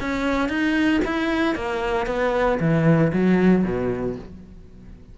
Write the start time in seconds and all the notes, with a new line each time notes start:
0.00 C#4
0.49 D#4
1.05 E4
1.56 A#3
2.07 B3
2.60 E3
3.13 F#3
3.64 B2